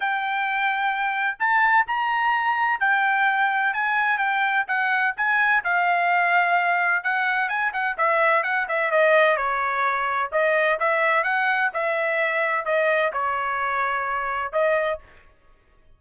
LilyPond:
\new Staff \with { instrumentName = "trumpet" } { \time 4/4 \tempo 4 = 128 g''2. a''4 | ais''2 g''2 | gis''4 g''4 fis''4 gis''4 | f''2. fis''4 |
gis''8 fis''8 e''4 fis''8 e''8 dis''4 | cis''2 dis''4 e''4 | fis''4 e''2 dis''4 | cis''2. dis''4 | }